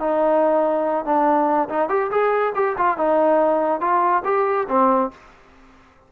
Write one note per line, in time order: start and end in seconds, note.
0.00 1.05 D#4
1.05 1.69 D4
1.69 1.89 D#4
1.89 2.11 G4
2.11 2.54 G#4
2.55 2.76 G4
2.77 2.97 F4
2.97 3.81 D#4
3.81 4.23 F4
4.25 4.68 G4
4.69 5.11 C4